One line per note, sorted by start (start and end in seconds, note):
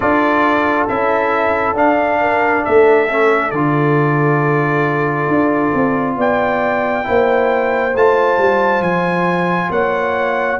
0.00 0.88 D4
0.00 0.88 F4
0.00 2.19 A4
0.00 0.86 D5
0.88 1.73 C#4
0.88 1.75 E4
0.88 1.76 E5
1.73 2.62 D4
1.73 3.08 D4
1.73 2.65 F5
2.20 2.64 A#4
2.65 3.51 A3
2.65 6.17 A4
2.65 3.51 E5
3.09 3.53 C#4
3.51 5.27 D3
3.51 7.03 F4
3.51 6.15 D5
5.27 5.72 D4
5.74 6.16 C4
6.16 7.04 B3
6.16 7.05 D5
6.16 7.96 G5
7.03 7.94 A#3
7.03 7.91 E4
7.03 9.71 C5
7.94 8.38 A3
7.94 10.59 F4
7.94 8.82 A5
8.38 8.80 G3
8.80 9.69 F3
8.80 9.70 G#5
9.70 10.58 A#3
9.70 10.59 C#5
9.70 10.59 F#5